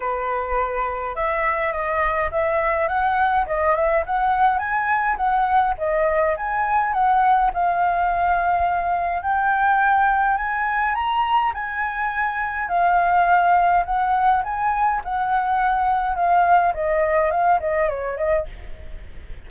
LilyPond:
\new Staff \with { instrumentName = "flute" } { \time 4/4 \tempo 4 = 104 b'2 e''4 dis''4 | e''4 fis''4 dis''8 e''8 fis''4 | gis''4 fis''4 dis''4 gis''4 | fis''4 f''2. |
g''2 gis''4 ais''4 | gis''2 f''2 | fis''4 gis''4 fis''2 | f''4 dis''4 f''8 dis''8 cis''8 dis''8 | }